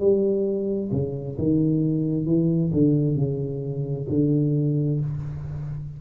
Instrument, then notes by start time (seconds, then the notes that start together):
tuba
0.00 G3
0.92 C#3
1.38 D#3
2.26 E3
2.74 D3
3.16 C#3
4.10 D3